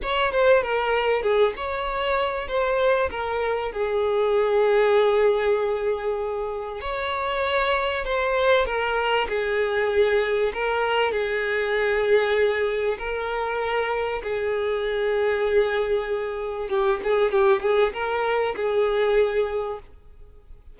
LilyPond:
\new Staff \with { instrumentName = "violin" } { \time 4/4 \tempo 4 = 97 cis''8 c''8 ais'4 gis'8 cis''4. | c''4 ais'4 gis'2~ | gis'2. cis''4~ | cis''4 c''4 ais'4 gis'4~ |
gis'4 ais'4 gis'2~ | gis'4 ais'2 gis'4~ | gis'2. g'8 gis'8 | g'8 gis'8 ais'4 gis'2 | }